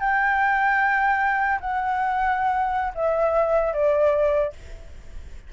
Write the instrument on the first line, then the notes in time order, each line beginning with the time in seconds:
flute
0.00 G5
1.60 F#5
2.95 E5
3.73 D5